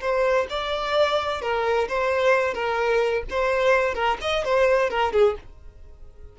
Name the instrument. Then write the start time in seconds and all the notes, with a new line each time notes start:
violin
0.00 C5
0.49 D5
1.41 A#4
1.88 C5
2.54 A#4
3.30 C5
3.94 A#4
4.21 D#5
4.44 C5
4.90 A#4
5.12 G#4